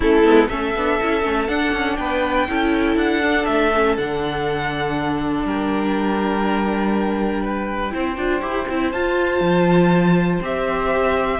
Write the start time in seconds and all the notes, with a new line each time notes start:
0.00 A3 C#4 E4 A4
0.23 G#3 B3
0.48 A3 C#4 A4 E5
0.75 B3 D4
1.01 C#4 E4
1.21 A3 C#4
1.48 D4 F#5
1.72 C#4
1.96 B3 B4 G5
2.48 C#4 E4 A4
2.96 D4 F#5
3.21 D4
3.45 A3 E5
3.74 C#4
3.97 D3 D4 F#5
5.44 G3 A#4 G5
7.44 B4
7.90 C4 E4 C5
8.17 D4 F4
8.41 E4 G4
8.68 C4 E4
8.91 F4 A5
9.40 F3
10.41 C4 G4 E5